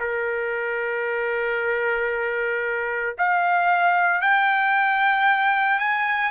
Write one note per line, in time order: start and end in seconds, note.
0.00 3.16 A#4
3.18 4.22 F5
4.22 5.79 G5
5.79 6.32 G#5